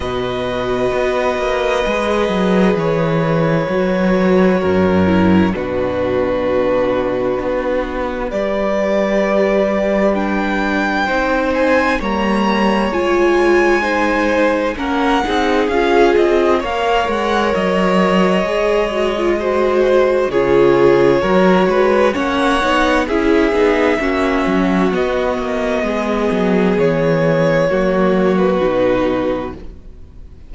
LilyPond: <<
  \new Staff \with { instrumentName = "violin" } { \time 4/4 \tempo 4 = 65 dis''2. cis''4~ | cis''2 b'2~ | b'4 d''2 g''4~ | g''8 gis''8 ais''4 gis''2 |
fis''4 f''8 dis''8 f''8 fis''8 dis''4~ | dis''2 cis''2 | fis''4 e''2 dis''4~ | dis''4 cis''4.~ cis''16 b'4~ b'16 | }
  \new Staff \with { instrumentName = "violin" } { \time 4/4 b'1~ | b'4 ais'4 fis'2~ | fis'4 b'2. | c''4 cis''2 c''4 |
ais'8 gis'4. cis''2~ | cis''4 c''4 gis'4 ais'8 b'8 | cis''4 gis'4 fis'2 | gis'2 fis'2 | }
  \new Staff \with { instrumentName = "viola" } { \time 4/4 fis'2 gis'2 | fis'4. e'8 d'2~ | d'4 g'2 d'4 | dis'4 ais4 f'4 dis'4 |
cis'8 dis'8 f'4 ais'2 | gis'8 fis'16 f'16 fis'4 f'4 fis'4 | cis'8 dis'8 e'8 dis'8 cis'4 b4~ | b2 ais4 dis'4 | }
  \new Staff \with { instrumentName = "cello" } { \time 4/4 b,4 b8 ais8 gis8 fis8 e4 | fis4 fis,4 b,2 | b4 g2. | c'4 g4 gis2 |
ais8 c'8 cis'8 c'8 ais8 gis8 fis4 | gis2 cis4 fis8 gis8 | ais8 b8 cis'8 b8 ais8 fis8 b8 ais8 | gis8 fis8 e4 fis4 b,4 | }
>>